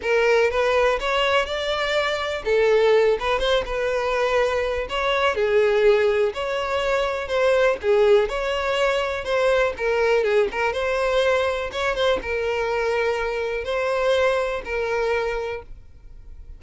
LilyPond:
\new Staff \with { instrumentName = "violin" } { \time 4/4 \tempo 4 = 123 ais'4 b'4 cis''4 d''4~ | d''4 a'4. b'8 c''8 b'8~ | b'2 cis''4 gis'4~ | gis'4 cis''2 c''4 |
gis'4 cis''2 c''4 | ais'4 gis'8 ais'8 c''2 | cis''8 c''8 ais'2. | c''2 ais'2 | }